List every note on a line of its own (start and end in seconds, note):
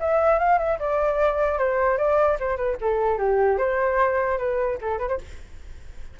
0.00 0.39 E5
0.39 0.58 F5
0.58 0.78 E5
0.79 1.58 D5
1.58 1.97 C5
1.97 2.37 D5
2.39 2.56 C5
2.56 2.76 B4
2.81 3.18 A4
3.18 3.58 G4
3.58 4.38 C5
4.38 4.78 B4
4.81 4.98 A4
4.98 5.08 B4
5.08 5.18 C5